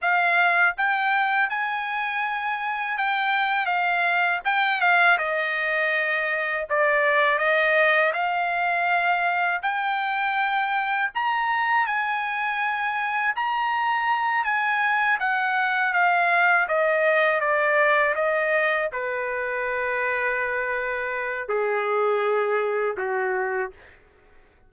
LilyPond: \new Staff \with { instrumentName = "trumpet" } { \time 4/4 \tempo 4 = 81 f''4 g''4 gis''2 | g''4 f''4 g''8 f''8 dis''4~ | dis''4 d''4 dis''4 f''4~ | f''4 g''2 ais''4 |
gis''2 ais''4. gis''8~ | gis''8 fis''4 f''4 dis''4 d''8~ | d''8 dis''4 b'2~ b'8~ | b'4 gis'2 fis'4 | }